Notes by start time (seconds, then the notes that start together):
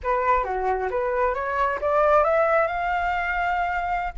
0.03 B4
0.44 F#4
0.90 B4
1.34 C#5
1.81 D5
2.23 E5
2.67 F5